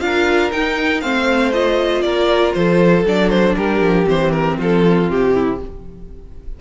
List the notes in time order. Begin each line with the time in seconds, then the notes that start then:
0.00 D4 F4 A#4 F5
0.52 D#4 G5
1.01 A3 C4 C5 F5
1.53 F4 D#5
2.02 A#3 A#4 D5
2.53 F3 A4 C5
3.05 F#3 D4 D5
3.30 C5
3.56 G3 G4 A#4
3.81 F3
4.05 E3 C4 C5
4.31 A#4
4.58 F3 F4 A4
5.10 C3 G4
5.34 E4